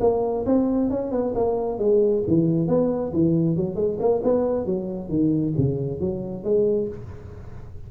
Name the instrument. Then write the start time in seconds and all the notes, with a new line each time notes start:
tuba
0.00 A#3
0.45 C4
0.90 C#4
1.11 B3
1.35 A#3
1.78 G#3
2.27 E3
2.67 B3
3.13 E3
3.56 F#3
3.75 G#3
3.99 A#3
4.23 B3
4.66 F#3
5.09 D#3
5.57 C#3
6.00 F#3
6.44 G#3